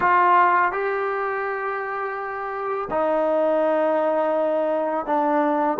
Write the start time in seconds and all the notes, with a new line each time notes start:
0.00 F4
0.72 G4
2.90 D#4
5.05 D4